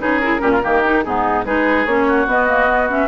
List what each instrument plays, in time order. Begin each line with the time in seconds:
0.00 bassoon C#3, clarinet D#4, oboe G#4, flute B4
0.20 clarinet E4, flute A#4
0.39 bassoon A#2, clarinet C#4, oboe G4
0.52 oboe F4
0.63 bassoon D#3, clarinet A#3, oboe G4
0.84 clarinet D#4
1.03 bassoon G#2, clarinet B3, oboe D#4, flute G#4
1.45 bassoon G#3, clarinet D#4, oboe G#4, flute B4
1.86 bassoon A#3, clarinet C#4, flute C#5
2.08 oboe F#4
2.27 bassoon B3, clarinet B3, flute D#5
2.48 clarinet A#3
2.68 clarinet B3
2.89 clarinet C#4, flute E5